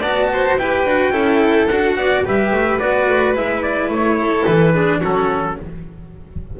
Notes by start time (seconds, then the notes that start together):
0.00 B3 F#4 D5 A5
0.32 C5
0.57 E4 G4 B4 G5
0.85 D4 F#4
1.11 C#4 E4 A4
1.68 D4 F#4 F#5
1.96 B3 D5
2.25 G3 G4 B4 E5
2.51 A3
2.79 B3 F#4 D5
3.08 A3
3.35 G#3 E4 E5
3.62 D5
3.89 A3 C#5
4.21 A4
4.46 E3 B4
4.74 D4 G#4
5.00 F#3 C#4 F#4 A4